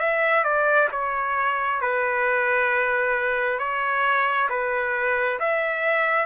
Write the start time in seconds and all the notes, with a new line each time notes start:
0.00 E5
0.44 D5
0.92 C#5
1.81 B4
3.59 C#5
4.49 B4
5.40 E5